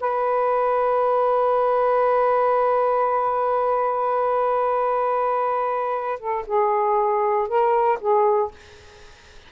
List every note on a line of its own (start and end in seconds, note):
0.00 6.19 B4
6.19 6.45 A4
6.46 7.48 G#4
7.48 7.99 A#4
8.00 8.51 G#4